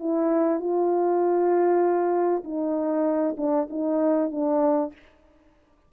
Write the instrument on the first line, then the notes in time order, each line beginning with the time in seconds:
horn
0.00 E4
0.60 F4
2.44 D#4
3.38 D4
3.70 D#4
4.32 D4